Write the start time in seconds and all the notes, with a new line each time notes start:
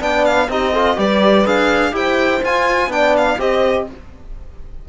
0.00 B3 D4 D5 G5
0.25 F5
0.49 C4 D#4 G4 D#5
0.73 F4 A4
0.97 G3 G4 B4 D5
1.46 D4 G#4 F5
1.92 E4 G4 C5 G5
2.44 F4 G#5
2.88 B3 D4 D5 G5
3.17 F5
3.39 C4 G4 C5 D#5